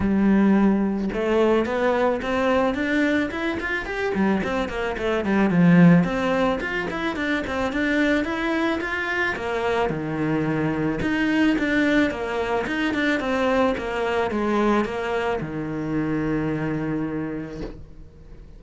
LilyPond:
\new Staff \with { instrumentName = "cello" } { \time 4/4 \tempo 4 = 109 g2 a4 b4 | c'4 d'4 e'8 f'8 g'8 g8 | c'8 ais8 a8 g8 f4 c'4 | f'8 e'8 d'8 c'8 d'4 e'4 |
f'4 ais4 dis2 | dis'4 d'4 ais4 dis'8 d'8 | c'4 ais4 gis4 ais4 | dis1 | }